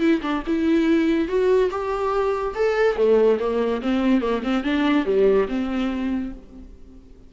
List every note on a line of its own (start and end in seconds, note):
0.00 0.21 E4
0.22 0.43 D4
0.47 1.28 E4
1.28 1.70 F#4
1.71 2.54 G4
2.55 2.96 A4
2.96 3.38 A3
3.39 3.81 A#3
3.82 4.21 C4
4.21 4.42 A#3
4.43 4.64 C4
4.64 5.05 D4
5.05 5.47 G3
5.48 6.32 C4